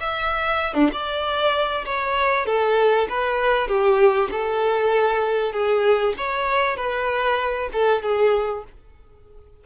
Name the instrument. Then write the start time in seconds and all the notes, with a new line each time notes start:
violin
0.00 E5
0.74 D4
0.92 D5
1.85 C#5
2.46 A4
3.09 B4
3.67 G4
4.31 A4
5.52 G#4
6.17 C#5
6.76 B4
7.72 A4
8.02 G#4